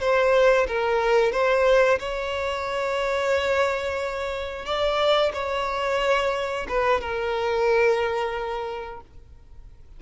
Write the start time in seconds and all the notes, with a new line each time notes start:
0.00 C5
0.67 A#4
1.32 C5
1.99 C#5
4.65 D5
5.33 C#5
6.68 B4
7.00 A#4